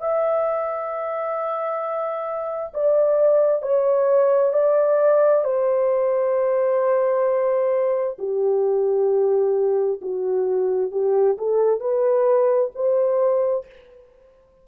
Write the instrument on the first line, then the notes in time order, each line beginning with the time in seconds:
horn
0.00 E5
2.74 D5
3.62 C#5
4.53 D5
5.44 C5
8.19 G4
10.01 F#4
10.91 G4
11.38 A4
11.80 B4
12.75 C5